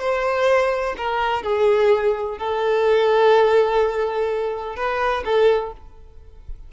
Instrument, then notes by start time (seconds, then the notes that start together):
violin
0.00 C5
0.97 A#4
1.43 G#4
2.38 A4
4.76 B4
5.25 A4